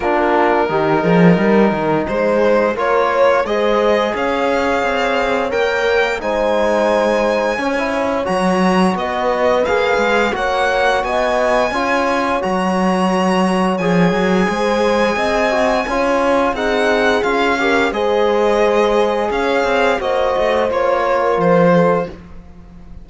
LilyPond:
<<
  \new Staff \with { instrumentName = "violin" } { \time 4/4 \tempo 4 = 87 ais'2. c''4 | cis''4 dis''4 f''2 | g''4 gis''2. | ais''4 dis''4 f''4 fis''4 |
gis''2 ais''2 | gis''1 | fis''4 f''4 dis''2 | f''4 dis''4 cis''4 c''4 | }
  \new Staff \with { instrumentName = "horn" } { \time 4/4 f'4 g'8 gis'8 ais'4 gis'4 | ais'8 cis''8 c''4 cis''2~ | cis''4 c''2 cis''4~ | cis''4 b'2 cis''4 |
dis''4 cis''2.~ | cis''4 c''4 dis''4 cis''4 | gis'4. ais'8 c''2 | cis''4 c''4. ais'4 a'8 | }
  \new Staff \with { instrumentName = "trombone" } { \time 4/4 d'4 dis'2. | f'4 gis'2. | ais'4 dis'2 cis'16 e'8. | fis'2 gis'4 fis'4~ |
fis'4 f'4 fis'2 | gis'2~ gis'8 fis'8 f'4 | dis'4 f'8 g'8 gis'2~ | gis'4 fis'4 f'2 | }
  \new Staff \with { instrumentName = "cello" } { \time 4/4 ais4 dis8 f8 g8 dis8 gis4 | ais4 gis4 cis'4 c'4 | ais4 gis2 cis'4 | fis4 b4 ais8 gis8 ais4 |
b4 cis'4 fis2 | f8 fis8 gis4 c'4 cis'4 | c'4 cis'4 gis2 | cis'8 c'8 ais8 a8 ais4 f4 | }
>>